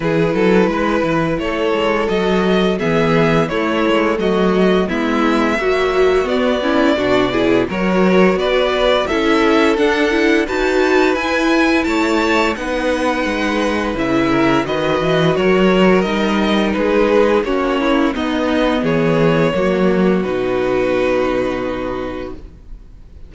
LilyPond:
<<
  \new Staff \with { instrumentName = "violin" } { \time 4/4 \tempo 4 = 86 b'2 cis''4 dis''4 | e''4 cis''4 dis''4 e''4~ | e''4 d''2 cis''4 | d''4 e''4 fis''4 a''4 |
gis''4 a''4 fis''2 | e''4 dis''4 cis''4 dis''4 | b'4 cis''4 dis''4 cis''4~ | cis''4 b'2. | }
  \new Staff \with { instrumentName = "violin" } { \time 4/4 gis'8 a'8 b'4 a'2 | gis'4 e'4 fis'4 e'4 | fis'4. e'8 fis'8 gis'8 ais'4 | b'4 a'2 b'4~ |
b'4 cis''4 b'2~ | b'8 ais'8 b'4 ais'2 | gis'4 fis'8 e'8 dis'4 gis'4 | fis'1 | }
  \new Staff \with { instrumentName = "viola" } { \time 4/4 e'2. fis'4 | b4 a2 b4 | fis4 b8 cis'8 d'8 e'8 fis'4~ | fis'4 e'4 d'8 e'8 fis'4 |
e'2 dis'2 | e'4 fis'2 dis'4~ | dis'4 cis'4 b2 | ais4 dis'2. | }
  \new Staff \with { instrumentName = "cello" } { \time 4/4 e8 fis8 gis8 e8 a8 gis8 fis4 | e4 a8 gis8 fis4 gis4 | ais4 b4 b,4 fis4 | b4 cis'4 d'4 dis'4 |
e'4 a4 b4 gis4 | cis4 dis8 e8 fis4 g4 | gis4 ais4 b4 e4 | fis4 b,2. | }
>>